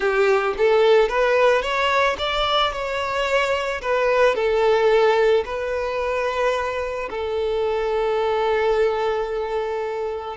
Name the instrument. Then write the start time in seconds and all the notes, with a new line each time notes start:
violin
0.00 G4
0.57 A4
1.08 B4
1.61 C#5
2.18 D5
2.72 C#5
3.81 B4
4.35 A4
5.45 B4
7.09 A4